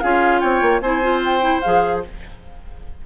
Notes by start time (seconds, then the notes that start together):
0.00 C#4 F4 G#4 F5
0.40 C4 C#5 G5
0.62 A#3
0.81 C4 E4 C5 G#5
1.02 F4
1.24 G5
1.41 E4
1.61 F3 G#4 F5